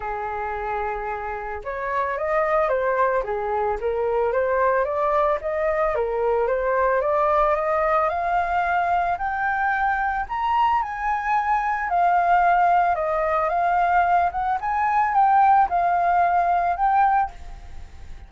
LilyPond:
\new Staff \with { instrumentName = "flute" } { \time 4/4 \tempo 4 = 111 gis'2. cis''4 | dis''4 c''4 gis'4 ais'4 | c''4 d''4 dis''4 ais'4 | c''4 d''4 dis''4 f''4~ |
f''4 g''2 ais''4 | gis''2 f''2 | dis''4 f''4. fis''8 gis''4 | g''4 f''2 g''4 | }